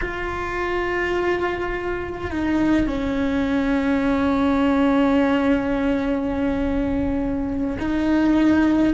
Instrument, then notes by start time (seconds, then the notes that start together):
cello
0.01 F4
2.30 D#4
2.86 C#4
7.79 D#4